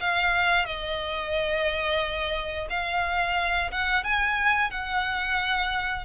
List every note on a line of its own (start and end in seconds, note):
0.00 0.65 F5
0.65 2.68 D#5
2.70 3.71 F5
3.72 4.04 F#5
4.04 4.71 G#5
4.71 6.05 F#5